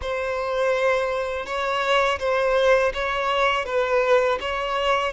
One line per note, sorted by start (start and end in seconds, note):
0.01 1.45 C5
1.45 2.19 C#5
2.19 2.92 C5
2.93 3.65 C#5
3.65 4.38 B4
4.40 5.12 C#5